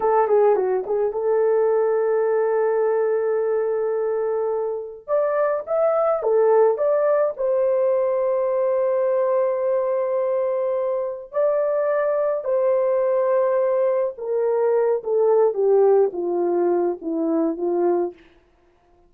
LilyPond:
\new Staff \with { instrumentName = "horn" } { \time 4/4 \tempo 4 = 106 a'8 gis'8 fis'8 gis'8 a'2~ | a'1~ | a'4 d''4 e''4 a'4 | d''4 c''2.~ |
c''1 | d''2 c''2~ | c''4 ais'4. a'4 g'8~ | g'8 f'4. e'4 f'4 | }